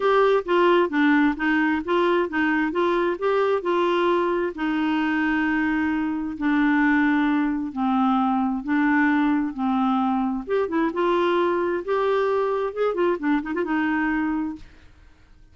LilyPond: \new Staff \with { instrumentName = "clarinet" } { \time 4/4 \tempo 4 = 132 g'4 f'4 d'4 dis'4 | f'4 dis'4 f'4 g'4 | f'2 dis'2~ | dis'2 d'2~ |
d'4 c'2 d'4~ | d'4 c'2 g'8 e'8 | f'2 g'2 | gis'8 f'8 d'8 dis'16 f'16 dis'2 | }